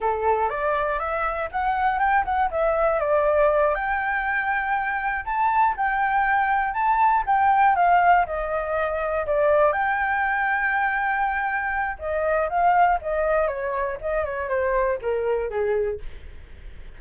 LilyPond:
\new Staff \with { instrumentName = "flute" } { \time 4/4 \tempo 4 = 120 a'4 d''4 e''4 fis''4 | g''8 fis''8 e''4 d''4. g''8~ | g''2~ g''8 a''4 g''8~ | g''4. a''4 g''4 f''8~ |
f''8 dis''2 d''4 g''8~ | g''1 | dis''4 f''4 dis''4 cis''4 | dis''8 cis''8 c''4 ais'4 gis'4 | }